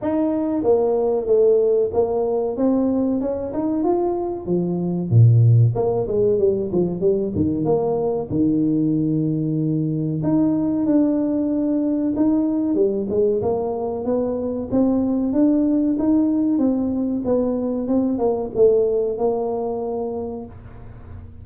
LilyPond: \new Staff \with { instrumentName = "tuba" } { \time 4/4 \tempo 4 = 94 dis'4 ais4 a4 ais4 | c'4 cis'8 dis'8 f'4 f4 | ais,4 ais8 gis8 g8 f8 g8 dis8 | ais4 dis2. |
dis'4 d'2 dis'4 | g8 gis8 ais4 b4 c'4 | d'4 dis'4 c'4 b4 | c'8 ais8 a4 ais2 | }